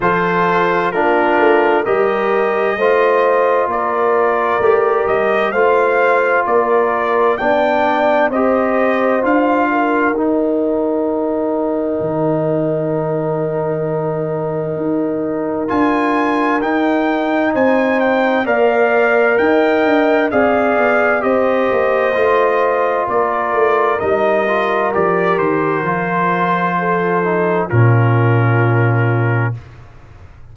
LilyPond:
<<
  \new Staff \with { instrumentName = "trumpet" } { \time 4/4 \tempo 4 = 65 c''4 ais'4 dis''2 | d''4. dis''8 f''4 d''4 | g''4 dis''4 f''4 g''4~ | g''1~ |
g''4 gis''4 g''4 gis''8 g''8 | f''4 g''4 f''4 dis''4~ | dis''4 d''4 dis''4 d''8 c''8~ | c''2 ais'2 | }
  \new Staff \with { instrumentName = "horn" } { \time 4/4 a'4 f'4 ais'4 c''4 | ais'2 c''4 ais'4 | d''4 c''4. ais'4.~ | ais'1~ |
ais'2. c''4 | d''4 dis''4 d''4 c''4~ | c''4 ais'2.~ | ais'4 a'4 f'2 | }
  \new Staff \with { instrumentName = "trombone" } { \time 4/4 f'4 d'4 g'4 f'4~ | f'4 g'4 f'2 | d'4 g'4 f'4 dis'4~ | dis'1~ |
dis'4 f'4 dis'2 | ais'2 gis'4 g'4 | f'2 dis'8 f'8 g'4 | f'4. dis'8 cis'2 | }
  \new Staff \with { instrumentName = "tuba" } { \time 4/4 f4 ais8 a8 g4 a4 | ais4 a8 g8 a4 ais4 | b4 c'4 d'4 dis'4~ | dis'4 dis2. |
dis'4 d'4 dis'4 c'4 | ais4 dis'8 d'8 c'8 b8 c'8 ais8 | a4 ais8 a8 g4 f8 dis8 | f2 ais,2 | }
>>